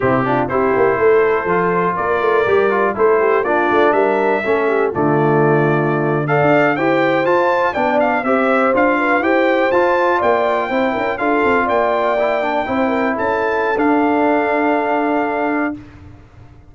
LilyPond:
<<
  \new Staff \with { instrumentName = "trumpet" } { \time 4/4 \tempo 4 = 122 g'4 c''2. | d''2 c''4 d''4 | e''2 d''2~ | d''8. f''4 g''4 a''4 g''16~ |
g''16 f''8 e''4 f''4 g''4 a''16~ | a''8. g''2 f''4 g''16~ | g''2~ g''8. a''4~ a''16 | f''1 | }
  \new Staff \with { instrumentName = "horn" } { \time 4/4 e'8 f'8 g'4 a'2 | ais'2 a'8 g'8 f'4 | ais'4 a'8 g'8 f'2~ | f'8. d''4 c''2 d''16~ |
d''8. c''4. b'8 c''4~ c''16~ | c''8. d''4 c''8 ais'8 a'4 d''16~ | d''4.~ d''16 c''8 ais'8 a'4~ a'16~ | a'1 | }
  \new Staff \with { instrumentName = "trombone" } { \time 4/4 c'8 d'8 e'2 f'4~ | f'4 g'8 f'8 e'4 d'4~ | d'4 cis'4 a2~ | a8. a'4 g'4 f'4 d'16~ |
d'8. g'4 f'4 g'4 f'16~ | f'4.~ f'16 e'4 f'4~ f'16~ | f'8. e'8 d'8 e'2~ e'16 | d'1 | }
  \new Staff \with { instrumentName = "tuba" } { \time 4/4 c4 c'8 ais8 a4 f4 | ais8 a8 g4 a4 ais8 a8 | g4 a4 d2~ | d4 d'8. e'4 f'4 b16~ |
b8. c'4 d'4 e'4 f'16~ | f'8. ais4 c'8 cis'8 d'8 c'8 ais16~ | ais4.~ ais16 c'4 cis'4~ cis'16 | d'1 | }
>>